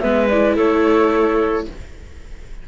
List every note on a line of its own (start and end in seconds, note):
0.00 0.57 G#3
0.00 0.29 B3
0.00 0.56 B4
0.00 0.27 E5
0.28 1.68 E4
0.28 0.55 D5
0.56 1.66 A3
0.56 1.65 A4
0.56 1.67 C#5